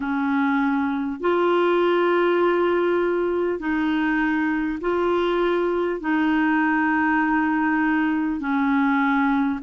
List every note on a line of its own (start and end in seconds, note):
0.00 1.20 C#4
1.20 3.59 F4
3.59 4.79 D#4
4.80 6.00 F4
6.00 8.40 D#4
8.40 9.60 C#4